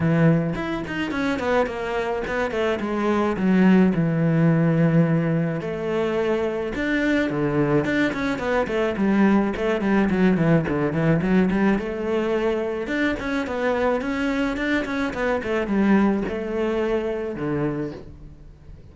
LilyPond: \new Staff \with { instrumentName = "cello" } { \time 4/4 \tempo 4 = 107 e4 e'8 dis'8 cis'8 b8 ais4 | b8 a8 gis4 fis4 e4~ | e2 a2 | d'4 d4 d'8 cis'8 b8 a8 |
g4 a8 g8 fis8 e8 d8 e8 | fis8 g8 a2 d'8 cis'8 | b4 cis'4 d'8 cis'8 b8 a8 | g4 a2 d4 | }